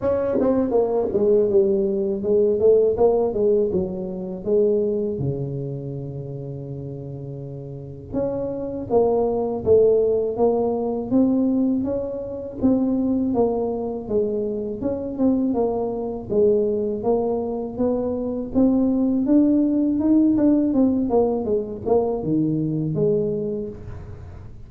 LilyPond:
\new Staff \with { instrumentName = "tuba" } { \time 4/4 \tempo 4 = 81 cis'8 c'8 ais8 gis8 g4 gis8 a8 | ais8 gis8 fis4 gis4 cis4~ | cis2. cis'4 | ais4 a4 ais4 c'4 |
cis'4 c'4 ais4 gis4 | cis'8 c'8 ais4 gis4 ais4 | b4 c'4 d'4 dis'8 d'8 | c'8 ais8 gis8 ais8 dis4 gis4 | }